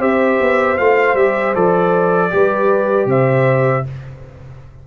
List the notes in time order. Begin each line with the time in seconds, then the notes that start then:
0.00 C4 G4 C5 E5
0.41 B3
0.78 A3 F4 F5
1.14 G3 G4 E5
1.55 F3 A4 D5
2.31 G3 G4 B4
3.06 C3 C5 E5